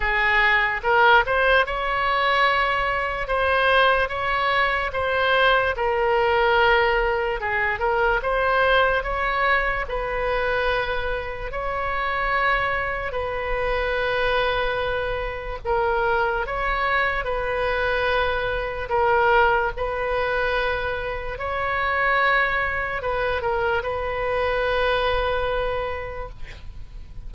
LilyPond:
\new Staff \with { instrumentName = "oboe" } { \time 4/4 \tempo 4 = 73 gis'4 ais'8 c''8 cis''2 | c''4 cis''4 c''4 ais'4~ | ais'4 gis'8 ais'8 c''4 cis''4 | b'2 cis''2 |
b'2. ais'4 | cis''4 b'2 ais'4 | b'2 cis''2 | b'8 ais'8 b'2. | }